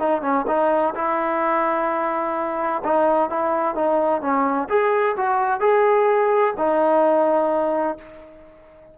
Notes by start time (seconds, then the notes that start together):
0.00 D#4
0.22 C#4
0.48 D#4
0.96 E4
2.85 D#4
3.30 E4
3.76 D#4
4.22 C#4
4.69 G#4
5.17 F#4
5.61 G#4
6.58 D#4